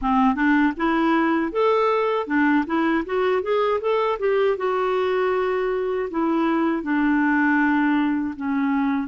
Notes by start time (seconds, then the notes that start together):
0.01 C4
0.35 D4
0.76 E4
1.52 A4
2.26 D4
2.66 E4
3.05 F#4
3.42 G#4
3.80 A4
4.19 G4
4.57 F#4
6.10 E4
6.82 D4
8.36 C#4